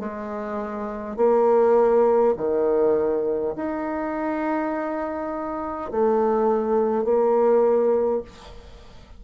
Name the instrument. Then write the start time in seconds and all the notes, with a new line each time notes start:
bassoon
0.00 G#3
1.17 A#3
2.37 D#3
3.57 D#4
5.91 A3
7.04 A#3